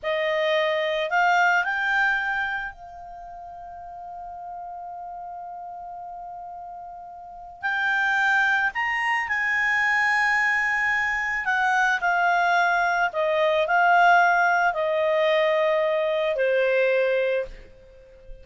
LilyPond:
\new Staff \with { instrumentName = "clarinet" } { \time 4/4 \tempo 4 = 110 dis''2 f''4 g''4~ | g''4 f''2.~ | f''1~ | f''2 g''2 |
ais''4 gis''2.~ | gis''4 fis''4 f''2 | dis''4 f''2 dis''4~ | dis''2 c''2 | }